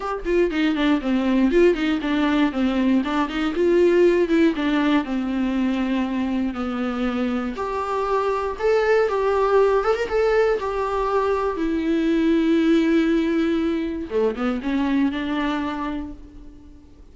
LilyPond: \new Staff \with { instrumentName = "viola" } { \time 4/4 \tempo 4 = 119 g'8 f'8 dis'8 d'8 c'4 f'8 dis'8 | d'4 c'4 d'8 dis'8 f'4~ | f'8 e'8 d'4 c'2~ | c'4 b2 g'4~ |
g'4 a'4 g'4. a'16 ais'16 | a'4 g'2 e'4~ | e'1 | a8 b8 cis'4 d'2 | }